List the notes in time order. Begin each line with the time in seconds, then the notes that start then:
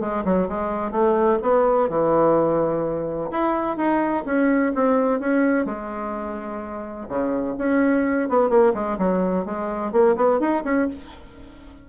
0.00 G#3
0.24 F#3
0.48 G#3
0.91 A3
1.42 B3
1.89 E3
3.31 E4
3.77 D#4
4.25 C#4
4.75 C4
5.20 C#4
5.65 G#3
7.08 C#3
7.58 C#4
8.29 B3
8.49 A#3
8.74 G#3
8.98 F#3
9.45 G#3
9.92 A#3
10.16 B3
10.40 D#4
10.64 C#4